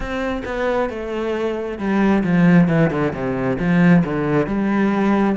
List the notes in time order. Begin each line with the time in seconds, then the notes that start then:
0.00 C4
0.45 B3
0.90 A3
1.78 G3
2.23 F3
2.68 E3
2.90 D3
3.13 C3
3.59 F3
4.04 D3
4.46 G3